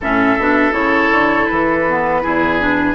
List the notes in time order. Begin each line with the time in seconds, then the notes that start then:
0.00 A2 C#4 A4 E5
0.38 B2 D4
0.71 C#3 E4 C#5
1.11 D3
1.46 E3 B4
1.88 B3
2.22 E2 E4 G#4
2.59 D4